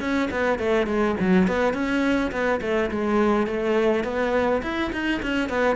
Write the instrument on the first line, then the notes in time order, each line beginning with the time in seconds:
cello
0.00 C#4
0.31 B3
0.59 A3
0.87 G#3
1.20 F#3
1.47 B3
1.73 C#4
2.31 B3
2.61 A3
2.90 G#3
3.46 A3
4.04 B3
4.62 E4
4.92 D#4
5.22 C#4
5.49 B3